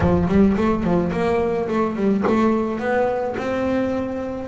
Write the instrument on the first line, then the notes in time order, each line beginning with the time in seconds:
double bass
0.00 F3
0.28 G3
0.56 A3
0.83 F3
1.12 A#3
1.68 A3
1.96 G3
2.27 A3
2.79 B3
3.37 C4